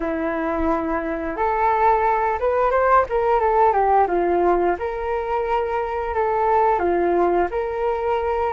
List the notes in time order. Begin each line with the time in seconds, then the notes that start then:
0.00 E4
1.36 A4
2.39 B4
2.71 C5
3.09 A#4
3.39 A4
3.73 G4
4.07 F4
4.79 A#4
6.14 A4
6.79 F4
7.50 A#4